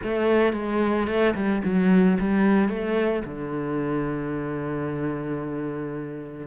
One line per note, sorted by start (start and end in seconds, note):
0.03 0.53 A3
0.53 1.07 G#3
1.07 1.34 A3
1.35 1.62 G3
1.64 2.18 F#3
2.19 2.69 G3
2.69 3.23 A3
3.25 6.46 D3